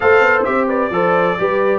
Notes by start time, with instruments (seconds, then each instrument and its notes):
0.00 tuba A3, trombone A4, horn C5, trumpet F5
0.20 tuba B3
0.44 tuba C4, trombone G4, trumpet E5
0.67 horn B4, trumpet D5
0.90 tuba F3, trombone A4, horn C5
1.38 tuba G3, trombone G4, horn B4